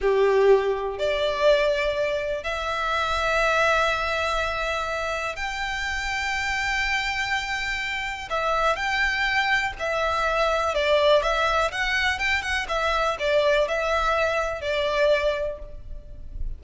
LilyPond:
\new Staff \with { instrumentName = "violin" } { \time 4/4 \tempo 4 = 123 g'2 d''2~ | d''4 e''2.~ | e''2. g''4~ | g''1~ |
g''4 e''4 g''2 | e''2 d''4 e''4 | fis''4 g''8 fis''8 e''4 d''4 | e''2 d''2 | }